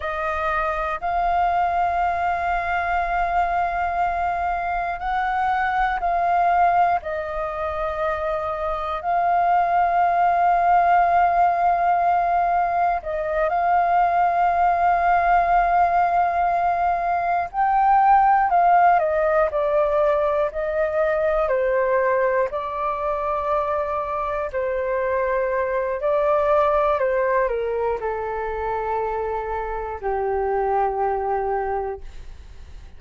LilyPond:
\new Staff \with { instrumentName = "flute" } { \time 4/4 \tempo 4 = 60 dis''4 f''2.~ | f''4 fis''4 f''4 dis''4~ | dis''4 f''2.~ | f''4 dis''8 f''2~ f''8~ |
f''4. g''4 f''8 dis''8 d''8~ | d''8 dis''4 c''4 d''4.~ | d''8 c''4. d''4 c''8 ais'8 | a'2 g'2 | }